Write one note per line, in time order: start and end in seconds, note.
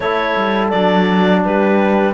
0.00 0.34 A3
0.00 0.73 E4
0.00 1.41 A4
0.00 0.68 C#5
0.36 0.72 G3
0.70 1.44 F#3
0.70 2.13 D4
0.70 1.41 D5
1.44 2.13 G3
1.44 2.13 G4
1.44 2.13 B4